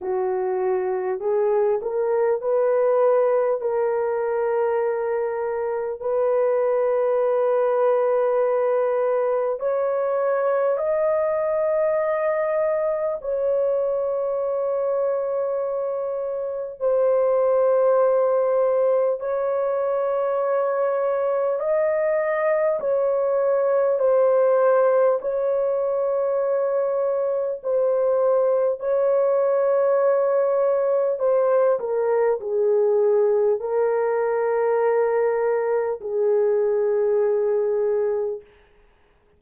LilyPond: \new Staff \with { instrumentName = "horn" } { \time 4/4 \tempo 4 = 50 fis'4 gis'8 ais'8 b'4 ais'4~ | ais'4 b'2. | cis''4 dis''2 cis''4~ | cis''2 c''2 |
cis''2 dis''4 cis''4 | c''4 cis''2 c''4 | cis''2 c''8 ais'8 gis'4 | ais'2 gis'2 | }